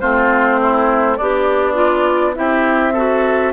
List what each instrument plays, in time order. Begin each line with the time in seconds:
0.00 bassoon A3, clarinet C4, oboe F4, flute C5
0.62 oboe E4
1.16 bassoon B3, oboe D4, clarinet G4, flute D5
1.74 clarinet F4
2.35 bassoon C4, clarinet E4, oboe G4, flute E5
2.93 clarinet F#4, oboe A4